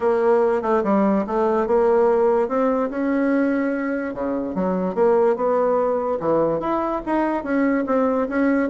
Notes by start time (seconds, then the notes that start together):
0.00 A#3
0.62 A3
0.83 G3
1.26 A3
1.66 A#3
2.48 C4
2.90 C#4
4.14 C#3
4.54 F#3
4.94 A#3
5.35 B3
6.20 E3
6.60 E4
7.06 D#4
7.43 C#4
7.86 C4
8.28 C#4